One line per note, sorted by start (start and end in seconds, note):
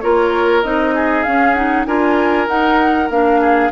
0.00 0.64 A#3
0.00 0.63 F4
0.00 0.94 A#4
0.00 0.62 C#5
0.62 1.25 C4
0.62 1.25 D#4
0.62 1.23 D#5
0.94 1.87 G#4
1.23 1.56 C#4
1.23 1.86 C#4
1.23 1.53 F5
1.53 1.86 D#4
1.53 1.84 F#5
1.85 2.47 D4
1.85 2.47 F4
1.85 3.40 A#4
1.85 2.47 G#5
2.47 3.09 D#4
2.47 3.09 F#5
3.09 3.70 A#3
3.09 3.71 D4
3.09 3.71 F5
3.40 3.71 G#4